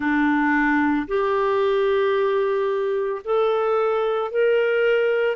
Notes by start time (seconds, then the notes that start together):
0.00 D4
1.07 G4
3.24 A4
4.31 A#4